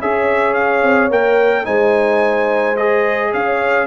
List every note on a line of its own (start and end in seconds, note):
0.00 0.83 C#4
0.00 1.10 G#4
0.00 1.65 C#5
0.00 0.54 E5
0.54 1.09 F5
0.83 1.10 C4
1.10 1.65 A#3
1.10 1.64 A#4
1.10 1.65 G5
1.64 3.33 G#3
1.64 2.75 D#4
1.64 3.32 C5
1.64 2.76 G#5
2.76 3.87 G#4
2.76 3.32 D#5
3.32 3.87 C#4
3.32 3.87 C#5
3.32 3.87 F5